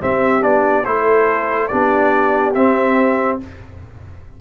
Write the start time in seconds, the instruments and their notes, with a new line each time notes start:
0.00 trombone C4, tuba C4, horn G4, trumpet E5
0.41 tuba B3, trombone D4, trumpet D5
0.85 tuba A3, trombone E4, horn A4, trumpet C5
1.68 tuba B3, trombone D4, horn G4, trumpet D5
2.54 tuba C4, trombone C4, trumpet E5